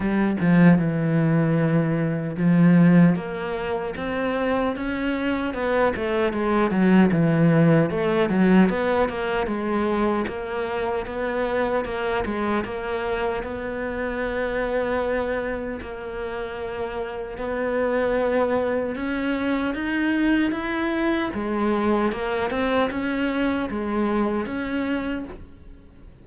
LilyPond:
\new Staff \with { instrumentName = "cello" } { \time 4/4 \tempo 4 = 76 g8 f8 e2 f4 | ais4 c'4 cis'4 b8 a8 | gis8 fis8 e4 a8 fis8 b8 ais8 | gis4 ais4 b4 ais8 gis8 |
ais4 b2. | ais2 b2 | cis'4 dis'4 e'4 gis4 | ais8 c'8 cis'4 gis4 cis'4 | }